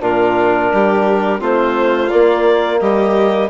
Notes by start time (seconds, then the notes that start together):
0.00 A#2 D4 F4 A#4
0.73 G3 G4
1.39 A3 C4 F4 C5
2.10 A#3 D5
2.80 G3 G4 D#5